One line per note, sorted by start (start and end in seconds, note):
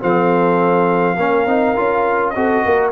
0.00 1.18 F3
0.00 1.17 C4
0.00 1.18 A4
0.00 2.30 F5
1.18 1.46 A#3
1.18 1.47 C#4
1.18 2.34 A#4
1.46 1.75 C4
1.46 1.76 D#4
1.76 2.36 C#4
1.76 2.35 F4
2.30 2.65 C4
2.30 2.92 F#4
2.30 2.65 A4
2.30 2.88 D#5
2.65 2.92 A#3
2.65 2.92 A#4